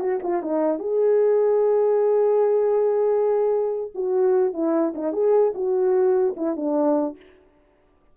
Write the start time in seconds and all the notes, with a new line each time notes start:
0.00 F#4
0.23 F4
0.42 D#4
0.79 G#4
3.95 F#4
4.54 E4
4.95 D#4
5.13 G#4
5.55 F#4
6.37 E4
6.57 D4